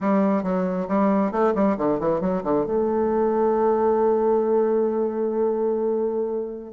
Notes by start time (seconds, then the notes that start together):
0.00 G3
0.43 F#3
0.88 G3
1.31 A3
1.54 G3
1.77 D3
1.99 E3
2.21 F#3
2.43 D3
2.66 A3